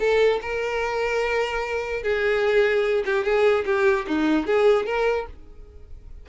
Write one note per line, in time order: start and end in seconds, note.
0.00 0.41 A4
0.42 2.03 A#4
2.03 3.05 G#4
3.06 3.25 G4
3.25 3.65 G#4
3.66 4.07 G4
4.08 4.47 D#4
4.47 4.86 G#4
4.86 5.27 A#4